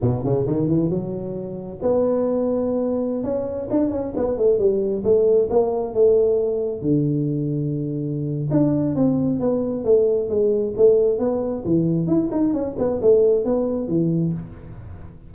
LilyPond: \new Staff \with { instrumentName = "tuba" } { \time 4/4 \tempo 4 = 134 b,8 cis8 dis8 e8 fis2 | b2.~ b16 cis'8.~ | cis'16 d'8 cis'8 b8 a8 g4 a8.~ | a16 ais4 a2 d8.~ |
d2. d'4 | c'4 b4 a4 gis4 | a4 b4 e4 e'8 dis'8 | cis'8 b8 a4 b4 e4 | }